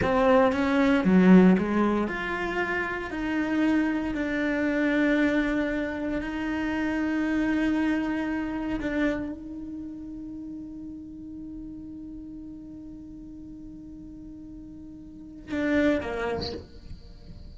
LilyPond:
\new Staff \with { instrumentName = "cello" } { \time 4/4 \tempo 4 = 116 c'4 cis'4 fis4 gis4 | f'2 dis'2 | d'1 | dis'1~ |
dis'4 d'4 dis'2~ | dis'1~ | dis'1~ | dis'2 d'4 ais4 | }